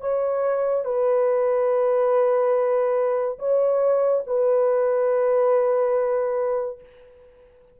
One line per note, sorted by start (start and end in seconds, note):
0.00 0.85 C#5
0.85 3.38 B4
3.39 4.23 C#5
4.26 6.80 B4